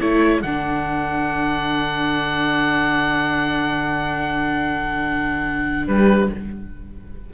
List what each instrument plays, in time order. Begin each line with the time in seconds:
0.00 cello A3, viola E4, horn A4, oboe C#5
0.41 cello D3, viola D4, oboe F#5
5.87 cello G3, horn G4, oboe B4